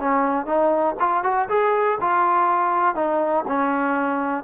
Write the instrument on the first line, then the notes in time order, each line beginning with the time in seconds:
trombone
0.00 C#4
0.46 D#4
1.00 F4
1.24 F#4
1.49 G#4
2.02 F4
2.96 D#4
3.48 C#4